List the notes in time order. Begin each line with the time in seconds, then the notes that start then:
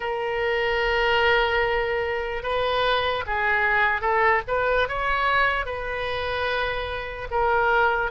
0.00 A#4
2.43 B4
3.26 G#4
4.01 A4
4.47 B4
4.88 C#5
5.65 B4
7.30 A#4